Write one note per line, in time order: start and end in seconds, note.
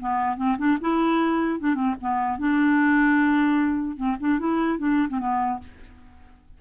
0.00 0.37 B3
0.37 0.57 C4
0.58 0.78 D4
0.81 1.60 E4
1.60 1.75 D4
1.75 1.95 C4
2.01 2.39 B3
2.39 3.97 D4
3.97 4.17 C4
4.20 4.39 D4
4.39 4.79 E4
4.79 5.09 D4
5.09 5.19 C4
5.19 5.59 B3